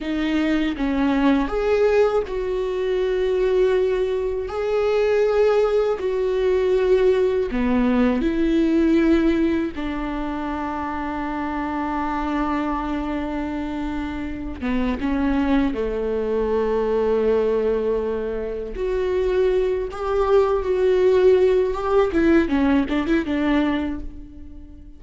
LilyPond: \new Staff \with { instrumentName = "viola" } { \time 4/4 \tempo 4 = 80 dis'4 cis'4 gis'4 fis'4~ | fis'2 gis'2 | fis'2 b4 e'4~ | e'4 d'2.~ |
d'2.~ d'8 b8 | cis'4 a2.~ | a4 fis'4. g'4 fis'8~ | fis'4 g'8 e'8 cis'8 d'16 e'16 d'4 | }